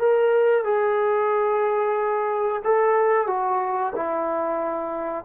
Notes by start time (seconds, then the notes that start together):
0.00 A#4
0.65 G#4
2.65 A4
3.28 F#4
3.96 E4